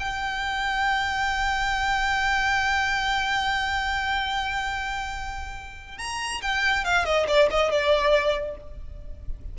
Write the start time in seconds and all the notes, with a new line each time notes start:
0.00 G5
5.98 A#5
6.42 G5
6.85 F5
7.05 D#5
7.28 D5
7.51 D#5
7.72 D5